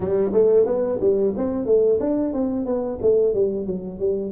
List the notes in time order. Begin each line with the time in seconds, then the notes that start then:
0.00 G3
0.32 A3
0.65 B3
1.00 G3
1.36 C4
1.65 A3
2.00 D4
2.33 C4
2.65 B3
3.02 A3
3.33 G3
3.66 F#3
3.98 G3